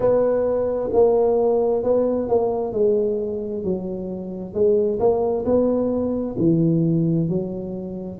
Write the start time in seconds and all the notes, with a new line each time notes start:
0.00 B3
0.93 A#3
1.83 B3
2.28 A#3
2.73 G#3
3.64 F#3
4.53 G#3
4.99 A#3
5.45 B3
6.38 E3
7.29 F#3